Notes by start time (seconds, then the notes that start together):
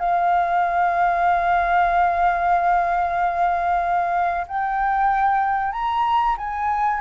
0.00 F5
4.48 G5
5.73 A#5
6.38 G#5